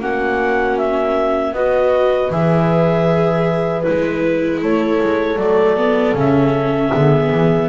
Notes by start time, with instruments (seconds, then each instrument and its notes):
0.00 double bass A#3, viola C#4, horn F#4, clarinet F#5
0.77 clarinet E5
1.53 double bass B3, viola F#4, horn B4, clarinet D#5
2.30 double bass E3, viola G#4, clarinet E5
3.82 viola E4, clarinet B4
3.89 double bass G#3
4.61 double bass A3, horn A4, clarinet C#5
5.02 double bass G#3
5.36 double bass F#3, viola A3, clarinet D5
5.77 viola B3
6.14 double bass C#3, viola C#4, clarinet E5
6.92 double bass D3, viola B3, horn G#4
7.30 double bass E3